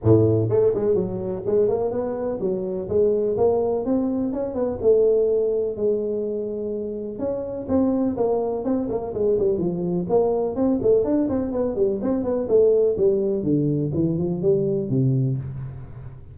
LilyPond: \new Staff \with { instrumentName = "tuba" } { \time 4/4 \tempo 4 = 125 a,4 a8 gis8 fis4 gis8 ais8 | b4 fis4 gis4 ais4 | c'4 cis'8 b8 a2 | gis2. cis'4 |
c'4 ais4 c'8 ais8 gis8 g8 | f4 ais4 c'8 a8 d'8 c'8 | b8 g8 c'8 b8 a4 g4 | d4 e8 f8 g4 c4 | }